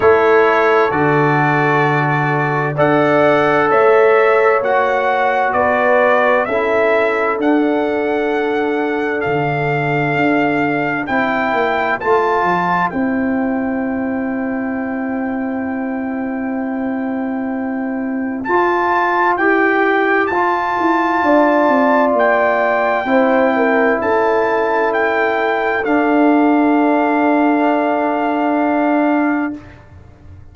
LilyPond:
<<
  \new Staff \with { instrumentName = "trumpet" } { \time 4/4 \tempo 4 = 65 cis''4 d''2 fis''4 | e''4 fis''4 d''4 e''4 | fis''2 f''2 | g''4 a''4 g''2~ |
g''1 | a''4 g''4 a''2 | g''2 a''4 g''4 | f''1 | }
  \new Staff \with { instrumentName = "horn" } { \time 4/4 a'2. d''4 | cis''2 b'4 a'4~ | a'1 | c''1~ |
c''1~ | c''2. d''4~ | d''4 c''8 ais'8 a'2~ | a'1 | }
  \new Staff \with { instrumentName = "trombone" } { \time 4/4 e'4 fis'2 a'4~ | a'4 fis'2 e'4 | d'1 | e'4 f'4 e'2~ |
e'1 | f'4 g'4 f'2~ | f'4 e'2. | d'1 | }
  \new Staff \with { instrumentName = "tuba" } { \time 4/4 a4 d2 d'4 | a4 ais4 b4 cis'4 | d'2 d4 d'4 | c'8 ais8 a8 f8 c'2~ |
c'1 | f'4 e'4 f'8 e'8 d'8 c'8 | ais4 c'4 cis'2 | d'1 | }
>>